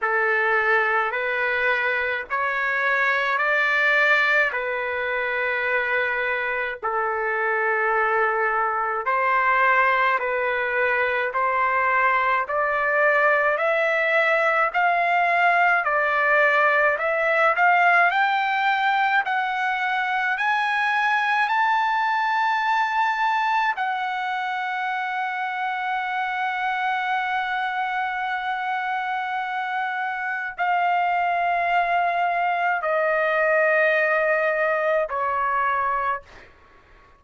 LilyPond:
\new Staff \with { instrumentName = "trumpet" } { \time 4/4 \tempo 4 = 53 a'4 b'4 cis''4 d''4 | b'2 a'2 | c''4 b'4 c''4 d''4 | e''4 f''4 d''4 e''8 f''8 |
g''4 fis''4 gis''4 a''4~ | a''4 fis''2.~ | fis''2. f''4~ | f''4 dis''2 cis''4 | }